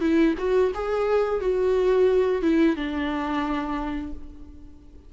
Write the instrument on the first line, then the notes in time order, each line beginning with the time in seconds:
viola
0.00 E4
0.38 F#4
0.74 G#4
1.40 F#4
2.42 E4
2.76 D4